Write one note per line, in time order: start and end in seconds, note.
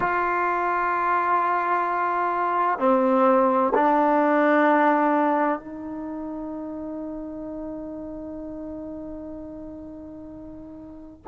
0.00 2.79 F4
2.79 3.72 C4
3.74 5.59 D4
5.59 11.22 D#4